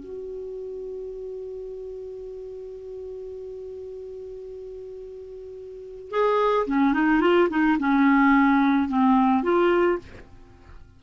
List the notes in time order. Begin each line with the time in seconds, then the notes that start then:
0.00 F#4
6.11 G#4
6.67 C#4
6.94 D#4
7.21 F4
7.50 D#4
7.79 C#4
8.89 C4
9.43 F4